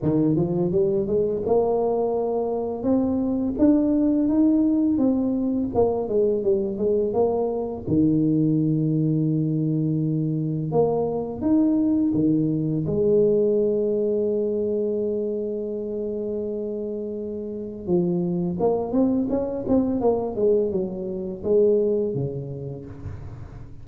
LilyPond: \new Staff \with { instrumentName = "tuba" } { \time 4/4 \tempo 4 = 84 dis8 f8 g8 gis8 ais2 | c'4 d'4 dis'4 c'4 | ais8 gis8 g8 gis8 ais4 dis4~ | dis2. ais4 |
dis'4 dis4 gis2~ | gis1~ | gis4 f4 ais8 c'8 cis'8 c'8 | ais8 gis8 fis4 gis4 cis4 | }